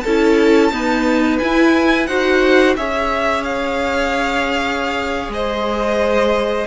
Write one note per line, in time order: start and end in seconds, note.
0.00 0.72 C#4
0.00 0.72 A4
0.00 1.36 A5
0.07 0.72 E4
0.72 1.40 B3
0.72 1.40 D#4
0.72 2.08 B4
1.38 2.09 E4
1.38 2.08 E4
1.38 2.06 G#5
2.06 2.76 D#4
2.06 2.77 F#4
2.06 2.76 C5
2.06 2.74 F#5
2.76 5.28 C#4
2.76 6.67 G#4
2.76 5.33 C#5
2.76 3.43 E5
3.43 5.31 F5
5.28 6.64 G#3
5.28 6.67 C5
5.28 6.67 D#5